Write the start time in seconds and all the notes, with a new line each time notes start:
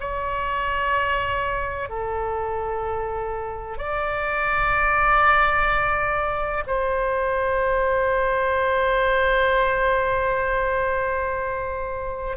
0.00 C#5
1.89 A4
3.78 D5
6.67 C5